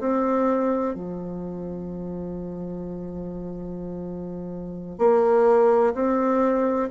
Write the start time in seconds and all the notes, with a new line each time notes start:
0.00 C4
0.95 F3
4.99 A#3
5.94 C4